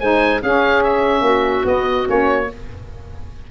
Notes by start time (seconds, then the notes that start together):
0.00 G#3 D#4 C5 G#5
0.41 C#4 G#4 F5
0.84 E5
1.21 A#3 F#4
1.64 B3 D#5
2.06 A#3 C#4 C#5